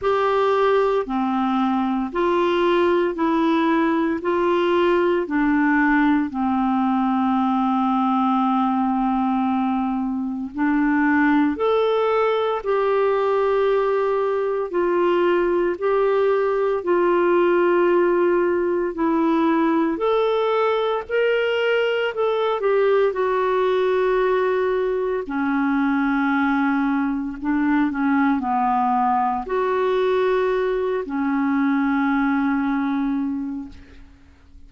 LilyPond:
\new Staff \with { instrumentName = "clarinet" } { \time 4/4 \tempo 4 = 57 g'4 c'4 f'4 e'4 | f'4 d'4 c'2~ | c'2 d'4 a'4 | g'2 f'4 g'4 |
f'2 e'4 a'4 | ais'4 a'8 g'8 fis'2 | cis'2 d'8 cis'8 b4 | fis'4. cis'2~ cis'8 | }